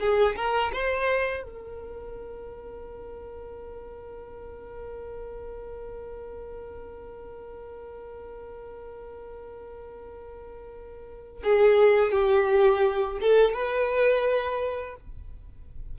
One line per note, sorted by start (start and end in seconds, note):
0.00 0.36 G#4
0.36 0.72 A#4
0.73 1.43 C5
1.43 11.43 A#4
11.43 12.11 G#4
12.11 13.19 G4
13.21 13.53 A4
13.53 14.96 B4